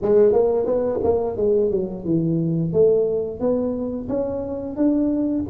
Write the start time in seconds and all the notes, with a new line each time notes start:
0.02 G#3
0.32 A#3
0.66 B3
1.03 A#3
1.36 G#3
1.70 F#3
2.04 E3
2.73 A3
3.40 B3
4.08 C#4
4.76 D4